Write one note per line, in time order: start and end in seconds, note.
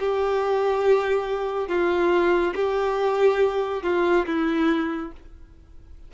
0.00 1.69 G4
1.69 2.54 F4
2.56 3.83 G4
3.83 4.26 F4
4.27 5.12 E4